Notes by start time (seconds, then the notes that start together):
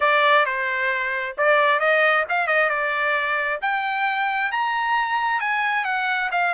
0.00 D5
0.45 C5
1.37 D5
1.79 D#5
2.29 F5
2.47 D#5
2.69 D5
3.61 G5
4.51 A#5
5.40 G#5
5.85 F#5
6.31 F5